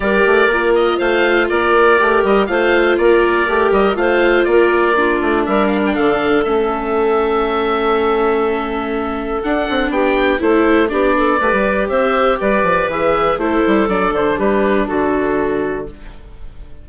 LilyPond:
<<
  \new Staff \with { instrumentName = "oboe" } { \time 4/4 \tempo 4 = 121 d''4. dis''8 f''4 d''4~ | d''8 dis''8 f''4 d''4. dis''8 | f''4 d''2 e''8 f''16 g''16 | f''4 e''2.~ |
e''2. fis''4 | g''4 c''4 d''2 | e''4 d''4 e''4 c''4 | d''8 c''8 b'4 a'2 | }
  \new Staff \with { instrumentName = "clarinet" } { \time 4/4 ais'2 c''4 ais'4~ | ais'4 c''4 ais'2 | c''4 ais'4 f'4 ais'4 | a'1~ |
a'1 | g'4 a'4 g'8 a'8 b'4 | c''4 b'2 a'4~ | a'4 g'4 fis'2 | }
  \new Staff \with { instrumentName = "viola" } { \time 4/4 g'4 f'2. | g'4 f'2 g'4 | f'2 d'2~ | d'4 cis'2.~ |
cis'2. d'4~ | d'4 e'4 d'4 g'4~ | g'2 gis'4 e'4 | d'1 | }
  \new Staff \with { instrumentName = "bassoon" } { \time 4/4 g8 a8 ais4 a4 ais4 | a8 g8 a4 ais4 a8 g8 | a4 ais4. a8 g4 | d4 a2.~ |
a2. d'8 c'8 | b4 a4 b4 a16 g8. | c'4 g8 f8 e4 a8 g8 | fis8 d8 g4 d2 | }
>>